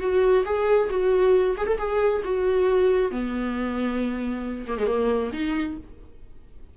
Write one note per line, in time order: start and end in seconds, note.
0.00 0.44 F#4
0.45 0.89 G#4
0.90 1.56 F#4
1.57 1.67 G#4
1.67 1.78 A4
1.78 2.22 G#4
2.24 3.11 F#4
3.11 4.66 B3
4.68 4.78 A#3
4.78 4.87 G#3
4.87 5.31 A#3
5.33 5.77 D#4